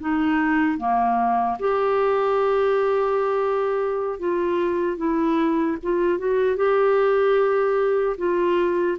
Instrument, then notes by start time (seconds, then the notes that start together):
clarinet
0.00 D#4
0.77 A#3
1.59 G4
4.19 F4
4.97 E4
5.83 F4
6.18 F#4
6.56 G4
8.17 F4